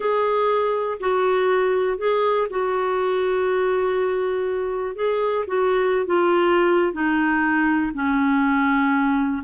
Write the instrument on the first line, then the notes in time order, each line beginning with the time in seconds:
clarinet
0.00 G#4
1.00 F#4
1.97 G#4
2.50 F#4
4.95 G#4
5.47 F#4
6.06 F4
6.92 D#4
7.93 C#4